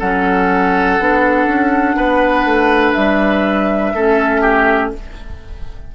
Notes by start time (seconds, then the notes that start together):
0.00 F#3 C#4 A4 F#5
1.00 B3 D4
1.46 C#4
1.96 B3 B4
2.45 A3
2.94 G3 E5
3.94 A3 C#4 A4
4.42 G4